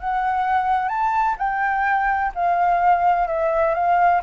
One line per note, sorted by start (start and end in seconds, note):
0.00 0.88 F#5
0.88 1.36 A5
1.38 2.32 G5
2.35 3.27 F5
3.27 3.75 E5
3.75 4.22 F5